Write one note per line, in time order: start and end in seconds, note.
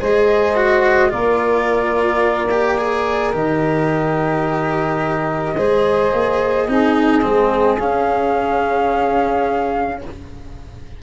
0.00 1.13 G#3
0.00 0.56 G#4
0.00 1.11 C5
0.00 1.11 D#5
0.56 1.10 F#4
1.10 3.34 A#3
1.10 2.49 F4
1.10 5.56 A#4
1.10 3.34 D5
2.51 2.78 G4
2.78 3.33 G#4
3.33 5.56 D#3
3.33 5.56 G4
3.33 7.79 D#5
5.57 6.13 G#3
5.57 6.69 G#4
5.57 6.68 C5
6.13 6.68 A#3
6.68 7.24 C4
6.68 7.22 D#4
6.68 10.02 G#4
7.22 7.81 G#3
7.22 7.78 C4
7.79 10.02 C#4
7.79 10.03 C#4
7.79 10.02 F5